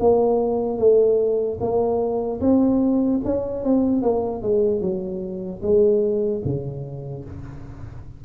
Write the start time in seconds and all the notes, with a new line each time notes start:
0.00 A#3
0.79 A3
1.60 A#3
2.41 C4
3.25 C#4
3.64 C4
4.03 A#3
4.43 G#3
4.81 F#3
5.63 G#3
6.45 C#3